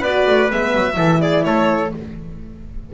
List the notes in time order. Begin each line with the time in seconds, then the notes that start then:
0.00 B3 F#4 B4 D5
0.27 A3
0.51 G#3 B3 E5
0.75 F#3
0.94 E3 E4 A4
1.21 G#4 D5
1.45 A3 A4 C#5